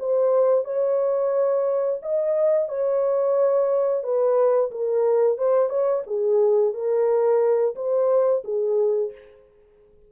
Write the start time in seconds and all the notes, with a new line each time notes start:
0.00 C5
0.65 C#5
2.03 D#5
2.69 C#5
4.04 B4
4.72 A#4
5.38 C5
5.70 C#5
6.07 G#4
6.74 A#4
7.76 C5
8.45 G#4